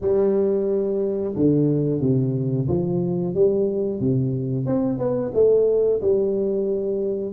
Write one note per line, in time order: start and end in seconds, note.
0.01 1.34 G3
1.35 2.01 D3
2.01 2.67 C3
2.68 3.34 F3
3.34 3.99 G3
3.99 4.65 C3
4.65 4.98 C4
4.98 5.32 B3
5.34 6.00 A3
6.01 7.32 G3